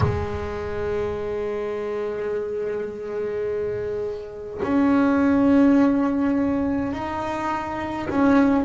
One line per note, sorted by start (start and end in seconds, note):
0.00 4.60 G#3
4.62 6.92 C#4
6.92 8.08 D#4
8.09 8.64 C#4